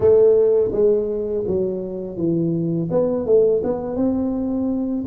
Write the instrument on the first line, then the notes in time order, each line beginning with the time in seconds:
tuba
0.00 A3
0.72 G#3
1.46 F#3
2.17 E3
2.90 B3
3.25 A3
3.63 B3
3.96 C4